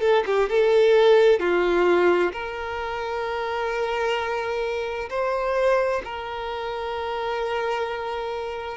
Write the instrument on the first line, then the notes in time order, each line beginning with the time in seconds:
violin
0.00 A4
0.26 G4
0.49 A4
1.39 F4
2.32 A#4
5.09 C5
6.04 A#4